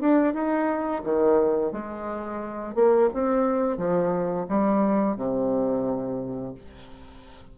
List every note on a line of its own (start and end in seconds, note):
0.00 0.33 D4
0.33 1.02 D#4
1.03 1.71 D#3
1.71 2.74 G#3
2.74 3.09 A#3
3.13 3.77 C4
3.77 4.46 F3
4.48 5.16 G3
5.16 6.54 C3